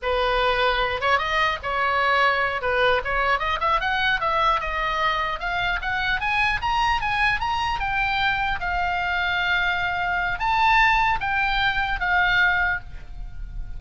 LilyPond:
\new Staff \with { instrumentName = "oboe" } { \time 4/4 \tempo 4 = 150 b'2~ b'8 cis''8 dis''4 | cis''2~ cis''8 b'4 cis''8~ | cis''8 dis''8 e''8 fis''4 e''4 dis''8~ | dis''4. f''4 fis''4 gis''8~ |
gis''8 ais''4 gis''4 ais''4 g''8~ | g''4. f''2~ f''8~ | f''2 a''2 | g''2 f''2 | }